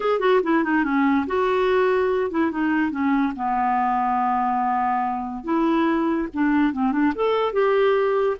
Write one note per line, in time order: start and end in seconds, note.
0.00 0.19 G#4
0.19 0.40 F#4
0.43 0.64 E4
0.64 0.84 D#4
0.84 1.25 C#4
1.27 2.30 F#4
2.30 2.51 E4
2.51 2.91 D#4
2.91 3.33 C#4
3.36 5.44 B3
5.44 6.27 E4
6.33 6.72 D4
6.72 6.92 C4
6.92 7.13 D4
7.15 7.52 A4
7.52 8.36 G4